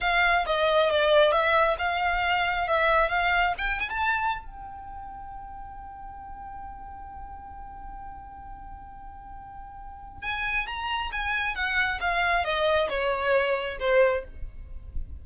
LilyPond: \new Staff \with { instrumentName = "violin" } { \time 4/4 \tempo 4 = 135 f''4 dis''4 d''4 e''4 | f''2 e''4 f''4 | g''8 gis''16 a''4~ a''16 g''2~ | g''1~ |
g''1~ | g''2. gis''4 | ais''4 gis''4 fis''4 f''4 | dis''4 cis''2 c''4 | }